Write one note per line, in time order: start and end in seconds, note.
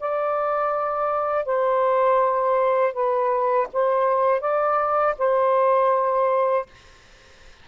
0.00 1.45 D5
1.45 2.94 C5
2.94 3.68 B4
3.73 4.41 C5
4.41 5.15 D5
5.18 6.66 C5